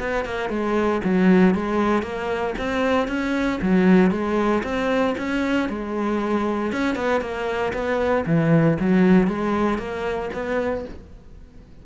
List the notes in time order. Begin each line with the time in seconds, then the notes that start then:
0.00 B3
0.25 A#3
0.50 G#3
1.04 F#3
1.54 G#3
2.03 A#3
2.58 C4
3.08 C#4
3.62 F#3
4.11 G#3
4.63 C4
5.18 C#4
5.69 G#3
6.72 C#4
6.95 B3
7.21 A#3
7.73 B3
8.26 E3
8.80 F#3
9.28 G#3
9.78 A#3
10.33 B3